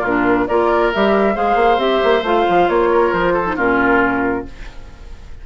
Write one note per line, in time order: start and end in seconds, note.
0.00 0.48 A#2
0.00 0.49 D4
0.00 0.44 F4
0.00 0.48 A#4
0.48 0.92 A#3
0.48 0.93 F4
0.48 1.35 A#4
0.48 0.92 D5
0.94 1.37 G3
0.94 1.34 G4
0.94 1.37 E5
1.34 1.56 G#3
1.34 1.78 G#4
1.34 2.89 C5
1.34 1.80 F5
1.56 1.78 A#3
1.78 2.00 C4
1.78 2.22 G4
1.78 2.24 E5
2.04 2.23 A#3
2.23 2.45 A3
2.23 3.46 F4
2.23 2.69 F5
2.49 2.69 F3
2.69 3.13 A#3
2.69 3.13 C#5
2.91 3.33 A#4
3.13 3.57 F3
3.13 3.57 C5
3.33 3.56 A4
3.46 3.57 D#4
3.56 4.45 A#2
3.56 4.45 C#4
3.56 4.44 F4
3.56 4.46 A#4